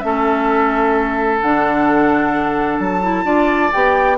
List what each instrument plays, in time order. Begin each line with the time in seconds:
0.00 bassoon A3, clarinet C#4, oboe A4, flute E5
1.41 bassoon D3, clarinet D4, flute F#5
2.79 bassoon F#3, flute A5
3.03 clarinet E4
3.25 bassoon D4, clarinet F4, oboe D5
3.72 bassoon B3, clarinet G4, flute G5